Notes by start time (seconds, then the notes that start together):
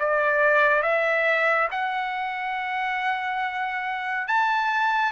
0.00 D5
0.83 E5
1.71 F#5
4.28 A5